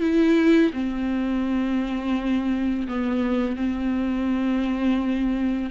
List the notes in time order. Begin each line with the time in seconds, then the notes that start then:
0.00 E4
0.73 C4
2.88 B3
3.56 C4